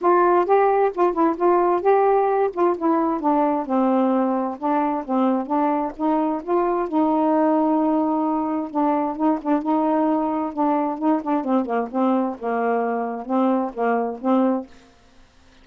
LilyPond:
\new Staff \with { instrumentName = "saxophone" } { \time 4/4 \tempo 4 = 131 f'4 g'4 f'8 e'8 f'4 | g'4. f'8 e'4 d'4 | c'2 d'4 c'4 | d'4 dis'4 f'4 dis'4~ |
dis'2. d'4 | dis'8 d'8 dis'2 d'4 | dis'8 d'8 c'8 ais8 c'4 ais4~ | ais4 c'4 ais4 c'4 | }